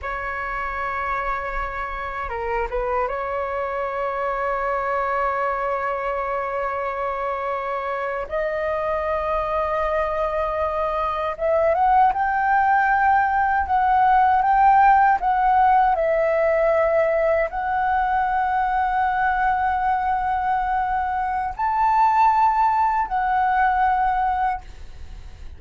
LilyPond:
\new Staff \with { instrumentName = "flute" } { \time 4/4 \tempo 4 = 78 cis''2. ais'8 b'8 | cis''1~ | cis''2~ cis''8. dis''4~ dis''16~ | dis''2~ dis''8. e''8 fis''8 g''16~ |
g''4.~ g''16 fis''4 g''4 fis''16~ | fis''8. e''2 fis''4~ fis''16~ | fis''1 | a''2 fis''2 | }